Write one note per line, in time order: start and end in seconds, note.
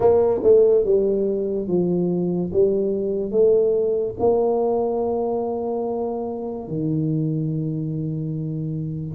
0.00 0.41 A#3
0.43 0.84 A3
0.84 1.67 G3
1.67 2.51 F3
2.52 3.31 G3
3.31 4.14 A3
4.19 6.67 A#3
6.67 9.15 D#3